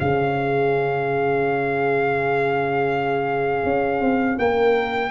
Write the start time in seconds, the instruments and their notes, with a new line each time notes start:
0.00 tuba C#3, trombone C#4, horn G#4, trumpet F5
3.64 tuba C#4
4.01 tuba C4
4.39 tuba A#3, horn A#4, trumpet G5